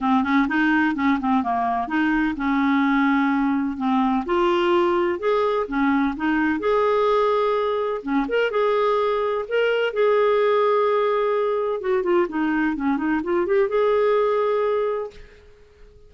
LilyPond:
\new Staff \with { instrumentName = "clarinet" } { \time 4/4 \tempo 4 = 127 c'8 cis'8 dis'4 cis'8 c'8 ais4 | dis'4 cis'2. | c'4 f'2 gis'4 | cis'4 dis'4 gis'2~ |
gis'4 cis'8 ais'8 gis'2 | ais'4 gis'2.~ | gis'4 fis'8 f'8 dis'4 cis'8 dis'8 | f'8 g'8 gis'2. | }